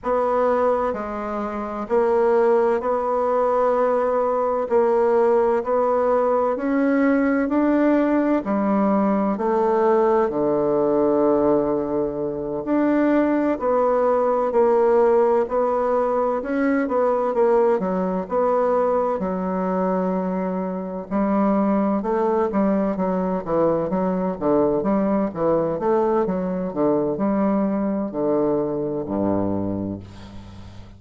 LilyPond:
\new Staff \with { instrumentName = "bassoon" } { \time 4/4 \tempo 4 = 64 b4 gis4 ais4 b4~ | b4 ais4 b4 cis'4 | d'4 g4 a4 d4~ | d4. d'4 b4 ais8~ |
ais8 b4 cis'8 b8 ais8 fis8 b8~ | b8 fis2 g4 a8 | g8 fis8 e8 fis8 d8 g8 e8 a8 | fis8 d8 g4 d4 g,4 | }